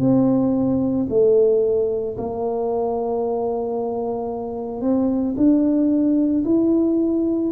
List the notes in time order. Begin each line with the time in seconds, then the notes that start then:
0.00 C4
1.10 A3
2.18 A#3
4.82 C4
5.37 D4
6.45 E4